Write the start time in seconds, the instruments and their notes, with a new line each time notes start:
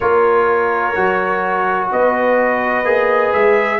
0.00 tuba A#3, trombone F4, horn A#4, trumpet C#5
0.94 tuba F#3, trombone F#4
1.91 tuba B3, horn B4, trumpet D#5
2.84 tuba A#3, trombone G#4
3.32 tuba G#3, trumpet E5